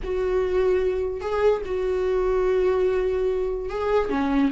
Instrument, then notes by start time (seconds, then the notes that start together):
viola
0.03 F#4
1.20 G#4
1.65 F#4
3.69 G#4
4.09 C#4